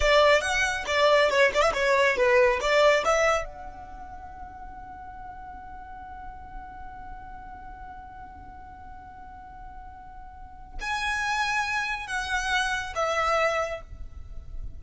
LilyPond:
\new Staff \with { instrumentName = "violin" } { \time 4/4 \tempo 4 = 139 d''4 fis''4 d''4 cis''8 d''16 e''16 | cis''4 b'4 d''4 e''4 | fis''1~ | fis''1~ |
fis''1~ | fis''1~ | fis''4 gis''2. | fis''2 e''2 | }